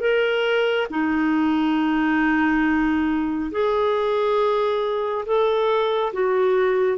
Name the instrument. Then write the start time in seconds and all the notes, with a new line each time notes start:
clarinet
0.00 A#4
0.90 D#4
3.51 G#4
5.26 A4
6.13 F#4